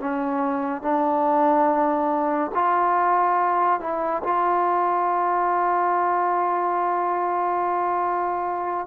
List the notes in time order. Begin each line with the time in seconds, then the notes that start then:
0.00 C#4
0.82 D4
2.55 F4
3.80 E4
4.24 F4